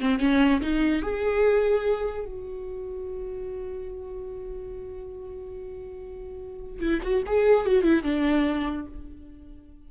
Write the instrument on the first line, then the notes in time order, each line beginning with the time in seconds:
viola
0.00 C4
0.19 C#4
0.61 D#4
1.02 G#4
2.25 F#4
6.80 E4
7.02 F#4
7.26 G#4
7.66 F#4
7.83 E4
8.03 D4